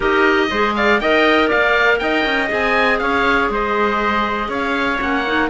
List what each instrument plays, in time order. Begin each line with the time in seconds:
0.00 cello D#4, clarinet G4, trumpet A#4, oboe D#5
0.50 cello G#3, clarinet G#4, trumpet C5
0.75 trumpet D5, oboe F5
1.00 cello D#4, clarinet A#4, trumpet D#5, oboe G5
1.48 cello A#3, trumpet D5, oboe F5
1.98 cello D#4, trumpet D#5, oboe G5
2.24 cello C#4
2.48 cello C4, clarinet G#4, oboe G#5
2.98 cello C#4, trumpet C#5, oboe F5
3.49 cello G#3, trumpet C5, oboe D#5
4.48 cello C#4, trumpet C#5, oboe F5
4.99 cello A#3, clarinet C#4, oboe F#5
5.26 clarinet D#4